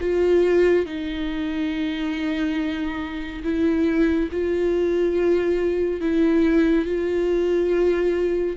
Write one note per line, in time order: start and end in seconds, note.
0.00 0.85 F4
0.85 3.42 D#4
3.43 4.29 E4
4.31 6.00 F4
6.00 6.85 E4
6.85 8.56 F4